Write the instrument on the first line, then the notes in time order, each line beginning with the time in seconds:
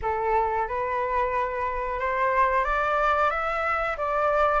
flute
0.01 A4
0.68 B4
1.99 C5
2.64 D5
3.30 E5
3.97 D5